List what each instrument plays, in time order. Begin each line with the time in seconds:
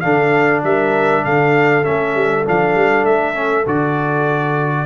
0.00 tuba D3, trombone D4, horn A4, trumpet F5
0.63 tuba G3, horn A#4, trumpet E5
1.24 tuba D3, horn A4, trumpet F5
1.83 tuba A3, trombone C#4, trumpet E5
2.14 tuba G3
2.45 tuba F3, trombone D4, trumpet F5
2.75 tuba G3
3.04 tuba A3, trumpet E5
3.34 trombone C#4
3.66 tuba D3, trombone F#4, trumpet D5